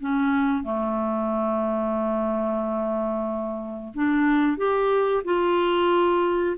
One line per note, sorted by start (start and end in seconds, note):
0.00 0.63 C#4
0.63 3.93 A3
3.94 4.57 D4
4.57 5.23 G4
5.24 6.56 F4